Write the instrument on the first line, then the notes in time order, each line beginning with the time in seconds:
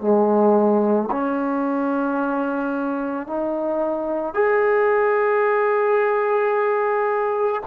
trombone
0.00 G#3
1.11 C#4
3.26 D#4
4.34 G#4